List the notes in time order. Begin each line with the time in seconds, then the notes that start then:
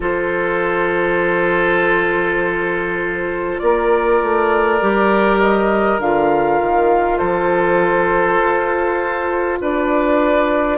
0.00 F3 F4 A4 C5
3.58 A#3 A#4 D5
4.21 A3
4.80 G3 G4
5.40 D#5
5.98 D3 F4 F5
6.60 D#3
7.17 F3 A4 C5
8.39 F4
9.60 D4 B4 D5